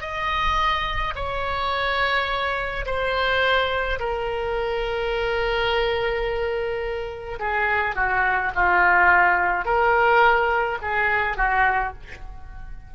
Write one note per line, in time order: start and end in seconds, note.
0.00 1.13 D#5
1.15 2.85 C#5
2.86 3.99 C5
3.99 7.39 A#4
7.39 7.95 G#4
7.95 8.52 F#4
8.55 9.65 F4
9.65 10.78 A#4
10.81 11.37 G#4
11.37 11.93 F#4